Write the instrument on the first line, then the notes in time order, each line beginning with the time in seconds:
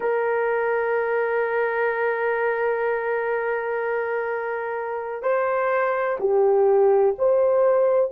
horn
0.00 A#4
5.22 C5
6.19 G4
7.18 C5